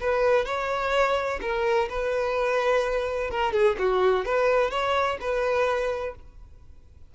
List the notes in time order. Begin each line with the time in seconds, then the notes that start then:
0.00 B4
0.45 C#5
1.41 A#4
1.89 B4
3.30 A#4
3.53 G#4
3.79 F#4
4.25 B4
4.70 C#5
5.21 B4